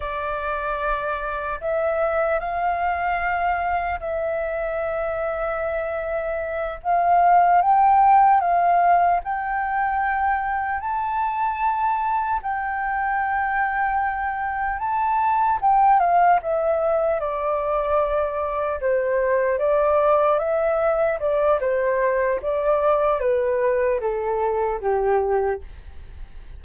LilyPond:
\new Staff \with { instrumentName = "flute" } { \time 4/4 \tempo 4 = 75 d''2 e''4 f''4~ | f''4 e''2.~ | e''8 f''4 g''4 f''4 g''8~ | g''4. a''2 g''8~ |
g''2~ g''8 a''4 g''8 | f''8 e''4 d''2 c''8~ | c''8 d''4 e''4 d''8 c''4 | d''4 b'4 a'4 g'4 | }